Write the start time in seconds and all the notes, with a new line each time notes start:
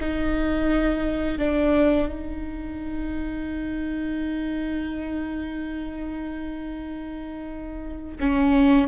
0.00 D#4
1.38 D4
2.08 D#4
8.20 C#4